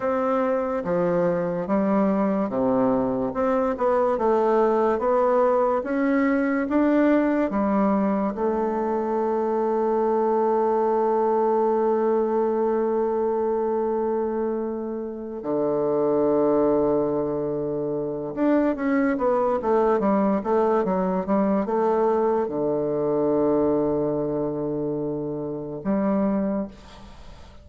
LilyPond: \new Staff \with { instrumentName = "bassoon" } { \time 4/4 \tempo 4 = 72 c'4 f4 g4 c4 | c'8 b8 a4 b4 cis'4 | d'4 g4 a2~ | a1~ |
a2~ a8 d4.~ | d2 d'8 cis'8 b8 a8 | g8 a8 fis8 g8 a4 d4~ | d2. g4 | }